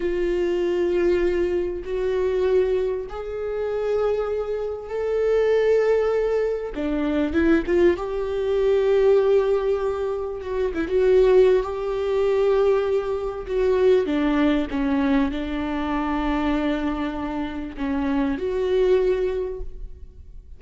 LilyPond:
\new Staff \with { instrumentName = "viola" } { \time 4/4 \tempo 4 = 98 f'2. fis'4~ | fis'4 gis'2. | a'2. d'4 | e'8 f'8 g'2.~ |
g'4 fis'8 e'16 fis'4~ fis'16 g'4~ | g'2 fis'4 d'4 | cis'4 d'2.~ | d'4 cis'4 fis'2 | }